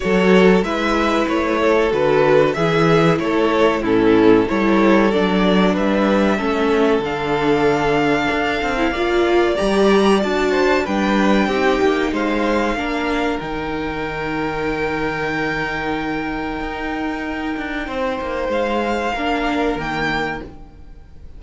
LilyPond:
<<
  \new Staff \with { instrumentName = "violin" } { \time 4/4 \tempo 4 = 94 cis''4 e''4 cis''4 b'4 | e''4 cis''4 a'4 cis''4 | d''4 e''2 f''4~ | f''2. ais''4 |
a''4 g''2 f''4~ | f''4 g''2.~ | g''1~ | g''4 f''2 g''4 | }
  \new Staff \with { instrumentName = "violin" } { \time 4/4 a'4 b'4. a'4. | gis'4 a'4 e'4 a'4~ | a'4 b'4 a'2~ | a'2 d''2~ |
d''8 c''8 b'4 g'4 c''4 | ais'1~ | ais'1 | c''2 ais'2 | }
  \new Staff \with { instrumentName = "viola" } { \time 4/4 fis'4 e'2 fis'4 | e'2 cis'4 e'4 | d'2 cis'4 d'4~ | d'4.~ d'16 e'16 f'4 g'4 |
fis'4 d'4 dis'2 | d'4 dis'2.~ | dis'1~ | dis'2 d'4 ais4 | }
  \new Staff \with { instrumentName = "cello" } { \time 4/4 fis4 gis4 a4 d4 | e4 a4 a,4 g4 | fis4 g4 a4 d4~ | d4 d'8 c'8 ais4 g4 |
d'4 g4 c'8 ais8 gis4 | ais4 dis2.~ | dis2 dis'4. d'8 | c'8 ais8 gis4 ais4 dis4 | }
>>